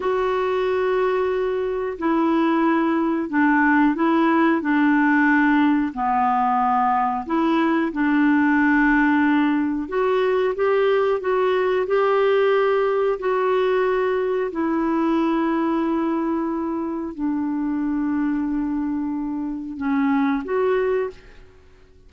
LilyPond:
\new Staff \with { instrumentName = "clarinet" } { \time 4/4 \tempo 4 = 91 fis'2. e'4~ | e'4 d'4 e'4 d'4~ | d'4 b2 e'4 | d'2. fis'4 |
g'4 fis'4 g'2 | fis'2 e'2~ | e'2 d'2~ | d'2 cis'4 fis'4 | }